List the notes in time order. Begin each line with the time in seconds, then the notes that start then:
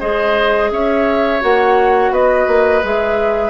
0.00 G#3 G#4 C5 D#5
0.72 C#4 C#5 E5
1.41 A#3 F#4 F#5
2.11 B3 B4 D#5
2.47 A#3
2.83 G#3 G#4 E5